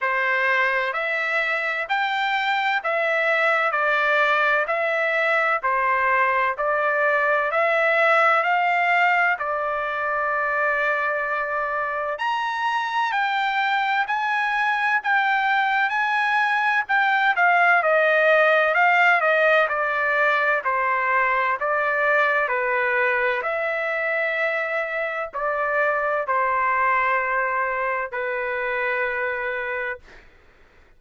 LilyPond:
\new Staff \with { instrumentName = "trumpet" } { \time 4/4 \tempo 4 = 64 c''4 e''4 g''4 e''4 | d''4 e''4 c''4 d''4 | e''4 f''4 d''2~ | d''4 ais''4 g''4 gis''4 |
g''4 gis''4 g''8 f''8 dis''4 | f''8 dis''8 d''4 c''4 d''4 | b'4 e''2 d''4 | c''2 b'2 | }